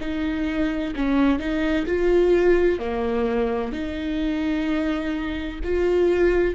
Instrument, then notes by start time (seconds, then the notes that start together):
viola
0.00 D#4
0.95 C#4
1.39 D#4
1.86 F4
2.79 A#3
3.72 D#4
5.64 F4